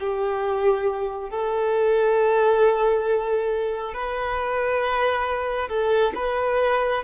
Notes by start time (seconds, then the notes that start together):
0.00 G4
1.30 A4
3.94 B4
5.69 A4
6.16 B4